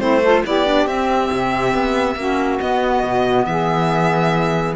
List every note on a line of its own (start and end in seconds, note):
0.00 0.44 A3
0.00 0.22 C4
0.00 0.23 E4
0.00 0.43 C5
0.24 0.46 F4
0.24 0.46 A4
0.46 0.87 B3
0.46 0.66 E4
0.46 2.18 G4
0.46 0.87 D5
0.66 0.87 D4
0.87 1.30 C4
0.87 2.19 C4
0.87 2.60 E5
1.32 1.75 C3
1.75 2.16 B3
2.16 2.59 A#3
2.16 2.61 C#4
2.16 3.47 F#4
2.61 4.76 B3
2.61 3.03 B3
2.61 3.46 D#5
3.03 3.46 B2
3.46 4.76 E3
3.46 4.76 G#4
3.46 4.75 E5